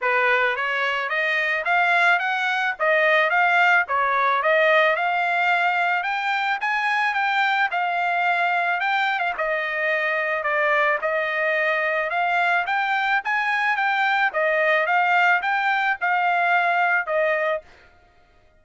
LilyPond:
\new Staff \with { instrumentName = "trumpet" } { \time 4/4 \tempo 4 = 109 b'4 cis''4 dis''4 f''4 | fis''4 dis''4 f''4 cis''4 | dis''4 f''2 g''4 | gis''4 g''4 f''2 |
g''8. f''16 dis''2 d''4 | dis''2 f''4 g''4 | gis''4 g''4 dis''4 f''4 | g''4 f''2 dis''4 | }